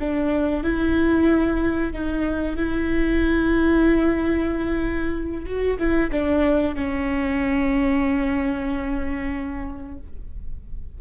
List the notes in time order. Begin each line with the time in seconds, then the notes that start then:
0.00 D4
0.63 E4
1.92 D#4
2.56 E4
5.46 F#4
5.79 E4
6.11 D4
6.75 C#4